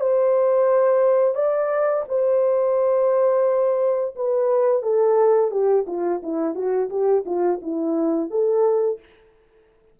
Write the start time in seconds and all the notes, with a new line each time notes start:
0.00 C5
1.34 D5
2.08 C5
4.15 B4
4.82 A4
5.50 G4
5.87 F4
6.23 E4
6.55 F#4
6.89 G4
7.25 F4
7.61 E4
8.30 A4